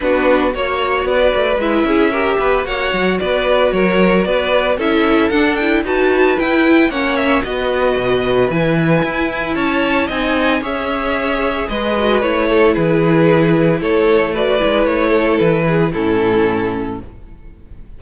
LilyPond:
<<
  \new Staff \with { instrumentName = "violin" } { \time 4/4 \tempo 4 = 113 b'4 cis''4 d''4 e''4~ | e''4 fis''4 d''4 cis''4 | d''4 e''4 fis''8 g''8 a''4 | g''4 fis''8 e''8 dis''2 |
gis''2 a''4 gis''4 | e''2 dis''4 cis''4 | b'2 cis''4 d''4 | cis''4 b'4 a'2 | }
  \new Staff \with { instrumentName = "violin" } { \time 4/4 fis'4 cis''4 b'4. gis'8 | ais'8 b'8 cis''4 b'4 ais'4 | b'4 a'2 b'4~ | b'4 cis''4 b'2~ |
b'2 cis''4 dis''4 | cis''2 b'4. a'8 | gis'2 a'4 b'4~ | b'8 a'4 gis'8 e'2 | }
  \new Staff \with { instrumentName = "viola" } { \time 4/4 d'4 fis'2 e'4 | g'4 fis'2.~ | fis'4 e'4 d'8 e'8 fis'4 | e'4 cis'4 fis'2 |
e'2. dis'4 | gis'2~ gis'8 fis'8 e'4~ | e'2. fis'8 e'8~ | e'2 cis'2 | }
  \new Staff \with { instrumentName = "cello" } { \time 4/4 b4 ais4 b8 a8 gis8 cis'8~ | cis'8 b8 ais8 fis8 b4 fis4 | b4 cis'4 d'4 dis'4 | e'4 ais4 b4 b,4 |
e4 e'4 cis'4 c'4 | cis'2 gis4 a4 | e2 a4. gis8 | a4 e4 a,2 | }
>>